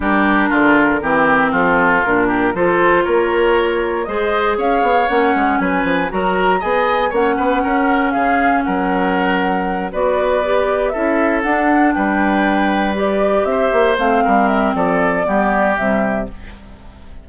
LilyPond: <<
  \new Staff \with { instrumentName = "flute" } { \time 4/4 \tempo 4 = 118 ais'2. a'4 | ais'4 c''4 cis''2 | dis''4 f''4 fis''4 gis''4 | ais''4 gis''4 fis''2 |
f''4 fis''2~ fis''8 d''8~ | d''4. e''4 fis''4 g''8~ | g''4. d''4 e''4 f''8~ | f''8 e''8 d''2 e''4 | }
  \new Staff \with { instrumentName = "oboe" } { \time 4/4 g'4 f'4 g'4 f'4~ | f'8 g'8 a'4 ais'2 | c''4 cis''2 b'4 | ais'4 dis''4 cis''8 b'8 ais'4 |
gis'4 ais'2~ ais'8 b'8~ | b'4. a'2 b'8~ | b'2~ b'8 c''4. | ais'4 a'4 g'2 | }
  \new Staff \with { instrumentName = "clarinet" } { \time 4/4 d'2 c'2 | d'4 f'2. | gis'2 cis'2 | fis'4 gis'4 cis'2~ |
cis'2.~ cis'8 fis'8~ | fis'8 g'4 e'4 d'4.~ | d'4. g'2 c'8~ | c'2 b4 g4 | }
  \new Staff \with { instrumentName = "bassoon" } { \time 4/4 g4 d4 e4 f4 | ais,4 f4 ais2 | gis4 cis'8 b8 ais8 gis8 fis8 f8 | fis4 b4 ais8 b8 cis'4 |
cis4 fis2~ fis8 b8~ | b4. cis'4 d'4 g8~ | g2~ g8 c'8 ais8 a8 | g4 f4 g4 c4 | }
>>